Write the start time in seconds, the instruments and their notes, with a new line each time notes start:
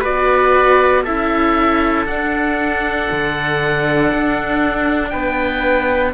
0.00 cello B3, viola F#4, trumpet B4, oboe D5
1.04 cello C#4, viola E4, trumpet A4, oboe E5
2.06 cello D4, viola D4, oboe F#5
3.11 cello D3
4.13 cello D4
5.09 cello B3, trumpet B4, oboe G5